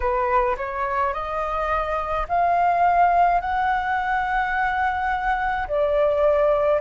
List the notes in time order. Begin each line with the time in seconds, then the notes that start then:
0.00 B4
0.57 C#5
1.13 D#5
2.28 F5
3.41 F#5
5.67 D5